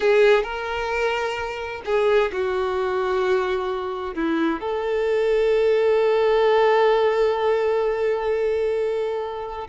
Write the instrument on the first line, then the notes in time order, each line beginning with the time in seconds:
violin
0.00 G#4
0.43 A#4
1.85 G#4
2.32 F#4
4.14 E4
4.60 A4